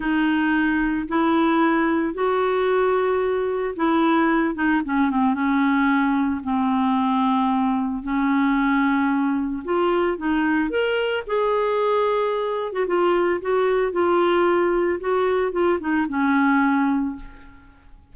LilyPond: \new Staff \with { instrumentName = "clarinet" } { \time 4/4 \tempo 4 = 112 dis'2 e'2 | fis'2. e'4~ | e'8 dis'8 cis'8 c'8 cis'2 | c'2. cis'4~ |
cis'2 f'4 dis'4 | ais'4 gis'2~ gis'8. fis'16 | f'4 fis'4 f'2 | fis'4 f'8 dis'8 cis'2 | }